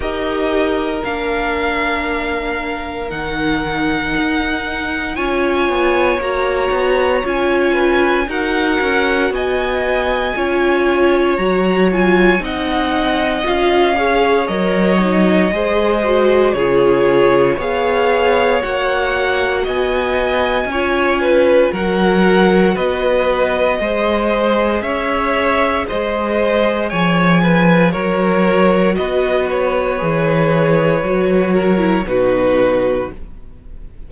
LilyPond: <<
  \new Staff \with { instrumentName = "violin" } { \time 4/4 \tempo 4 = 58 dis''4 f''2 fis''4~ | fis''4 gis''4 ais''4 gis''4 | fis''4 gis''2 ais''8 gis''8 | fis''4 f''4 dis''2 |
cis''4 f''4 fis''4 gis''4~ | gis''4 fis''4 dis''2 | e''4 dis''4 gis''4 cis''4 | dis''8 cis''2~ cis''8 b'4 | }
  \new Staff \with { instrumentName = "violin" } { \time 4/4 ais'1~ | ais'4 cis''2~ cis''8 b'8 | ais'4 dis''4 cis''2 | dis''4. cis''4. c''4 |
gis'4 cis''2 dis''4 | cis''8 b'8 ais'4 b'4 c''4 | cis''4 c''4 cis''8 b'8 ais'4 | b'2~ b'8 ais'8 fis'4 | }
  \new Staff \with { instrumentName = "viola" } { \time 4/4 g'4 d'2 dis'4~ | dis'4 f'4 fis'4 f'4 | fis'2 f'4 fis'8 f'8 | dis'4 f'8 gis'8 ais'8 dis'8 gis'8 fis'8 |
f'4 gis'4 fis'2 | f'4 fis'2 gis'4~ | gis'2. fis'4~ | fis'4 gis'4 fis'8. e'16 dis'4 | }
  \new Staff \with { instrumentName = "cello" } { \time 4/4 dis'4 ais2 dis4 | dis'4 cis'8 b8 ais8 b8 cis'4 | dis'8 cis'8 b4 cis'4 fis4 | c'4 cis'4 fis4 gis4 |
cis4 b4 ais4 b4 | cis'4 fis4 b4 gis4 | cis'4 gis4 f4 fis4 | b4 e4 fis4 b,4 | }
>>